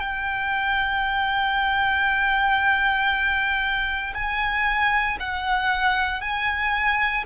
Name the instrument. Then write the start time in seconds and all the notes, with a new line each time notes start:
violin
0.00 G5
4.15 G#5
5.20 F#5
6.21 G#5